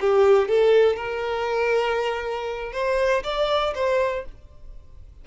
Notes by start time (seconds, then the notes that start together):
0.00 G4
0.48 A4
0.96 A#4
2.73 C5
3.24 D5
3.75 C5